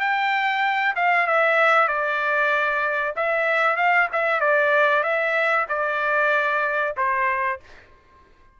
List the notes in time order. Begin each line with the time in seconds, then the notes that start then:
0.00 G5
0.96 F5
1.27 E5
1.88 D5
3.16 E5
3.76 F5
4.13 E5
4.40 D5
5.03 E5
5.69 D5
6.97 C5